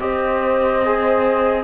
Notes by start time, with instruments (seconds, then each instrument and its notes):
0.00 cello C4, trombone G4, horn C5, flute D#5
0.85 trombone G#4